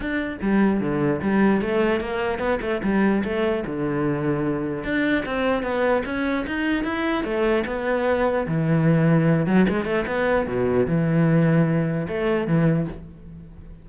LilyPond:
\new Staff \with { instrumentName = "cello" } { \time 4/4 \tempo 4 = 149 d'4 g4 d4 g4 | a4 ais4 b8 a8 g4 | a4 d2. | d'4 c'4 b4 cis'4 |
dis'4 e'4 a4 b4~ | b4 e2~ e8 fis8 | gis8 a8 b4 b,4 e4~ | e2 a4 e4 | }